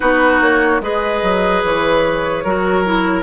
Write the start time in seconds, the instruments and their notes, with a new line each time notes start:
0.00 bassoon B3, clarinet D#4, oboe F#4, flute B4
0.40 bassoon A#3, flute C#5
0.80 bassoon G#3, clarinet G#4, oboe B4, flute D#5
1.22 bassoon F#3
1.63 bassoon E3, flute C#5
2.43 bassoon F#3, clarinet F#4, oboe A#4
2.84 clarinet E4